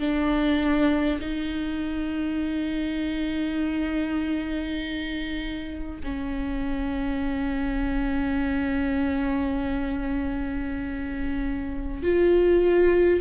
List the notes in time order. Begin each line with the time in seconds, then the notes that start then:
0.00 D4
1.21 D#4
6.04 C#4
12.03 F4